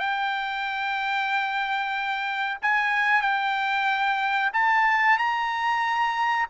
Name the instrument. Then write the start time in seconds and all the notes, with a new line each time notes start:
trumpet
0.00 G5
2.62 G#5
3.22 G5
4.54 A5
5.18 A#5